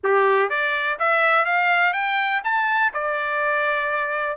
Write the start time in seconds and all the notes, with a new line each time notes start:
0.03 G4
0.49 D5
0.99 E5
1.45 F5
1.93 G5
2.43 A5
2.93 D5